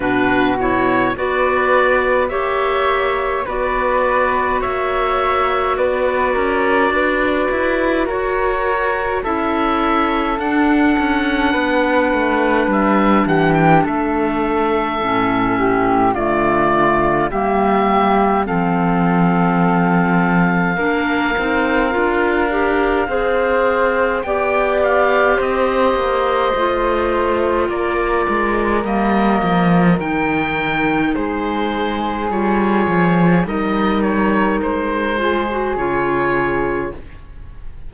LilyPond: <<
  \new Staff \with { instrumentName = "oboe" } { \time 4/4 \tempo 4 = 52 b'8 cis''8 d''4 e''4 d''4 | e''4 d''2 cis''4 | e''4 fis''2 e''8 fis''16 g''16 | e''2 d''4 e''4 |
f''1~ | f''4 g''8 f''8 dis''2 | d''4 dis''4 g''4 c''4 | cis''4 dis''8 cis''8 c''4 cis''4 | }
  \new Staff \with { instrumentName = "flute" } { \time 4/4 fis'4 b'4 cis''4 b'4 | cis''4 b'8 ais'8 b'4 ais'4 | a'2 b'4. g'8 | a'4. g'8 f'4 g'4 |
a'2 ais'2 | c''4 d''4 c''2 | ais'2. gis'4~ | gis'4 ais'4. gis'4. | }
  \new Staff \with { instrumentName = "clarinet" } { \time 4/4 d'8 e'8 fis'4 g'4 fis'4~ | fis'1 | e'4 d'2.~ | d'4 cis'4 a4 ais4 |
c'2 d'8 dis'8 f'8 g'8 | gis'4 g'2 f'4~ | f'4 ais4 dis'2 | f'4 dis'4. f'16 fis'16 f'4 | }
  \new Staff \with { instrumentName = "cello" } { \time 4/4 b,4 b4 ais4 b4 | ais4 b8 cis'8 d'8 e'8 fis'4 | cis'4 d'8 cis'8 b8 a8 g8 e8 | a4 a,4 d4 g4 |
f2 ais8 c'8 d'4 | c'4 b4 c'8 ais8 a4 | ais8 gis8 g8 f8 dis4 gis4 | g8 f8 g4 gis4 cis4 | }
>>